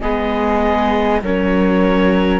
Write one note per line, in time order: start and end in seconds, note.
0.00 1.21 G#3
0.00 1.22 B3
0.00 1.20 G#4
0.00 1.20 D#5
1.21 2.40 F#3
1.21 2.40 C#4
1.21 2.40 A#4
1.21 2.40 C#5